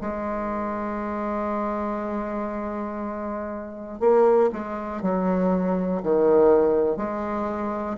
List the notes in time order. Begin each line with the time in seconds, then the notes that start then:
0.00 G#3
4.00 A#3
4.52 G#3
5.01 F#3
6.03 D#3
6.96 G#3